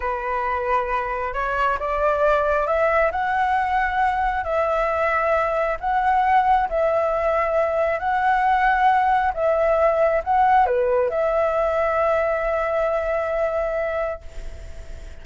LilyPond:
\new Staff \with { instrumentName = "flute" } { \time 4/4 \tempo 4 = 135 b'2. cis''4 | d''2 e''4 fis''4~ | fis''2 e''2~ | e''4 fis''2 e''4~ |
e''2 fis''2~ | fis''4 e''2 fis''4 | b'4 e''2.~ | e''1 | }